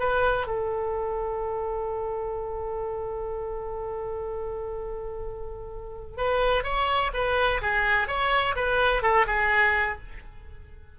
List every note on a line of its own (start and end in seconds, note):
0.00 0.47 B4
0.47 6.18 A4
6.18 6.64 B4
6.64 7.11 C#5
7.14 7.61 B4
7.62 8.08 G#4
8.08 8.55 C#5
8.56 9.03 B4
9.03 9.26 A4
9.27 9.98 G#4